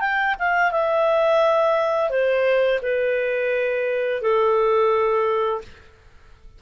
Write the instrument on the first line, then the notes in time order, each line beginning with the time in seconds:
clarinet
0.00 G5
0.39 F5
0.72 E5
2.10 C5
2.83 B4
4.22 A4